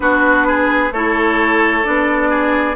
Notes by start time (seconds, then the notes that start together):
0.00 B3 D4 F#4 B4
0.47 G#4
0.91 A3 E4 A4 C#5
1.83 B3 D4 D5
2.29 G#4